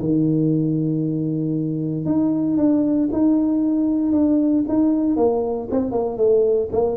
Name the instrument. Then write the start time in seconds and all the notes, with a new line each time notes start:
tuba
0.00 D#3
2.05 D#4
2.57 D4
3.12 D#4
4.12 D4
4.68 D#4
5.17 A#3
5.71 C4
5.92 A#3
6.17 A3
6.72 A#3